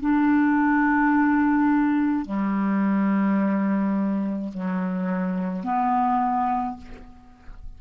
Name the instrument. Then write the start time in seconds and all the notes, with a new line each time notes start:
clarinet
0.00 D4
2.25 G3
4.53 F#3
5.63 B3